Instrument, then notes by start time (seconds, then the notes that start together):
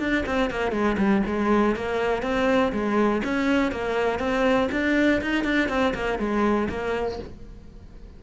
cello
0.00 D4
0.26 C4
0.51 A#3
0.72 G#3
0.98 G3
1.27 G#3
1.76 A#3
2.23 C4
2.73 G#3
3.25 C#4
3.72 A#3
4.20 C4
4.72 D4
5.22 D#4
5.44 D4
5.69 C4
5.95 A#3
6.19 G#3
6.69 A#3